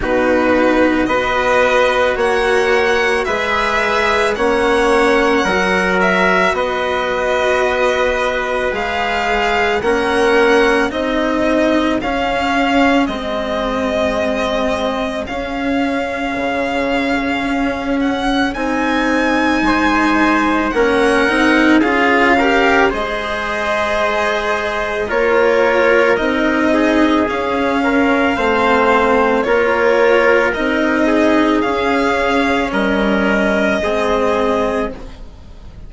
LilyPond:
<<
  \new Staff \with { instrumentName = "violin" } { \time 4/4 \tempo 4 = 55 b'4 dis''4 fis''4 e''4 | fis''4. e''8 dis''2 | f''4 fis''4 dis''4 f''4 | dis''2 f''2~ |
f''8 fis''8 gis''2 fis''4 | f''4 dis''2 cis''4 | dis''4 f''2 cis''4 | dis''4 f''4 dis''2 | }
  \new Staff \with { instrumentName = "trumpet" } { \time 4/4 fis'4 b'4 cis''4 b'4 | cis''4 ais'4 b'2~ | b'4 ais'4 gis'2~ | gis'1~ |
gis'2 c''4 ais'4 | gis'8 ais'8 c''2 ais'4~ | ais'8 gis'4 ais'8 c''4 ais'4~ | ais'8 gis'4. ais'4 gis'4 | }
  \new Staff \with { instrumentName = "cello" } { \time 4/4 dis'4 fis'2 gis'4 | cis'4 fis'2. | gis'4 cis'4 dis'4 cis'4 | c'2 cis'2~ |
cis'4 dis'2 cis'8 dis'8 | f'8 g'8 gis'2 f'4 | dis'4 cis'4 c'4 f'4 | dis'4 cis'2 c'4 | }
  \new Staff \with { instrumentName = "bassoon" } { \time 4/4 b,4 b4 ais4 gis4 | ais4 fis4 b2 | gis4 ais4 c'4 cis'4 | gis2 cis'4 cis4 |
cis'4 c'4 gis4 ais8 c'8 | cis'4 gis2 ais4 | c'4 cis'4 a4 ais4 | c'4 cis'4 g4 gis4 | }
>>